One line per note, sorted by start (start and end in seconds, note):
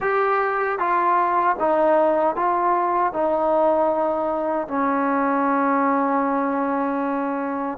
0.00 0.78 G4
0.78 1.56 F4
1.59 2.36 D#4
2.36 3.13 F4
3.13 4.67 D#4
4.67 7.78 C#4